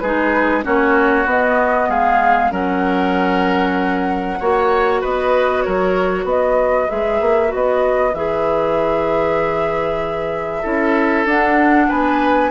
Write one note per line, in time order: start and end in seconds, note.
0.00 0.65 G#3
0.00 0.63 D#4
0.00 0.65 G#4
0.00 0.62 B4
0.63 1.26 A#3
0.63 1.26 C#4
0.63 1.89 F#4
0.63 1.29 C#5
1.26 1.89 B3
1.26 2.51 B3
1.26 1.90 D#5
1.89 2.52 G#3
1.89 2.52 G#4
1.89 2.53 F5
2.51 4.39 F#3
2.51 4.38 C#4
2.51 4.39 A#4
2.51 5.04 F#5
4.40 5.03 A#3
4.40 6.89 F#4
4.40 5.02 C#5
5.02 5.67 B3
5.02 5.64 B4
5.02 5.62 D#5
5.62 6.25 F#3
5.62 6.25 A#4
5.62 6.25 C#5
6.25 6.87 B3
6.25 10.62 B4
6.25 6.90 D#5
6.89 7.21 G#3
6.89 7.48 G#4
6.89 7.53 E5
7.21 7.52 A#3
7.48 8.11 F#4
7.48 8.15 D#5
7.55 8.14 B3
8.14 10.64 E3
8.14 10.64 G#4
8.14 11.27 E5
10.62 11.26 C#4
10.62 11.27 E4
10.62 11.87 A4
11.26 11.88 D4
11.26 12.52 D4
11.26 11.90 F#5
11.89 12.52 B3
11.89 12.52 B4
11.89 12.52 G#5